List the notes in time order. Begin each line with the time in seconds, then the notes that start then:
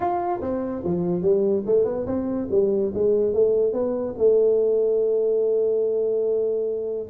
0.00 F4
0.41 C4
0.84 F3
1.22 G3
1.66 A3
1.84 B3
2.06 C4
2.50 G3
2.93 G#3
3.33 A3
3.73 B3
4.17 A3